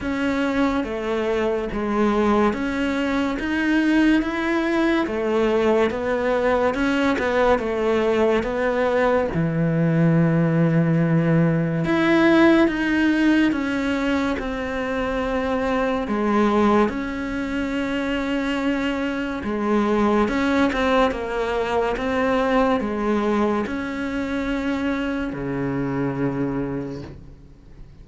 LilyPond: \new Staff \with { instrumentName = "cello" } { \time 4/4 \tempo 4 = 71 cis'4 a4 gis4 cis'4 | dis'4 e'4 a4 b4 | cis'8 b8 a4 b4 e4~ | e2 e'4 dis'4 |
cis'4 c'2 gis4 | cis'2. gis4 | cis'8 c'8 ais4 c'4 gis4 | cis'2 cis2 | }